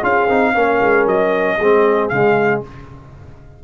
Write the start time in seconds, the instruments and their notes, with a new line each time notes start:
0.00 tuba C#4, trombone F4, horn G#4, trumpet F5
0.28 tuba C4, trombone D#4
0.54 tuba A#3, trombone C#4, horn A#4
0.81 tuba G#3
1.05 tuba F#3, trumpet D#5
1.56 tuba G#3, trombone C4, horn G#4
2.09 tuba C#3, trombone G#3, trumpet F5